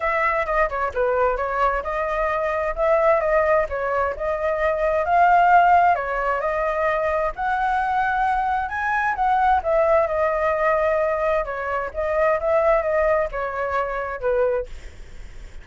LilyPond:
\new Staff \with { instrumentName = "flute" } { \time 4/4 \tempo 4 = 131 e''4 dis''8 cis''8 b'4 cis''4 | dis''2 e''4 dis''4 | cis''4 dis''2 f''4~ | f''4 cis''4 dis''2 |
fis''2. gis''4 | fis''4 e''4 dis''2~ | dis''4 cis''4 dis''4 e''4 | dis''4 cis''2 b'4 | }